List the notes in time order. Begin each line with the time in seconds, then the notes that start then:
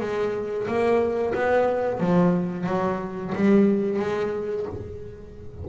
0.00 G#3
0.67 A#3
1.34 B3
2.00 F3
2.67 F#3
3.35 G3
4.00 G#3